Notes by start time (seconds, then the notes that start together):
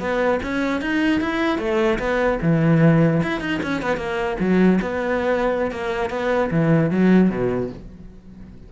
0.00 B3
0.43 C#4
0.82 D#4
1.21 E4
1.59 A3
1.99 B3
2.43 E3
3.23 E4
3.41 D#4
3.63 C#4
3.83 B3
3.97 A#3
4.40 F#3
4.82 B3
5.72 A#3
6.11 B3
6.51 E3
6.91 F#3
7.30 B2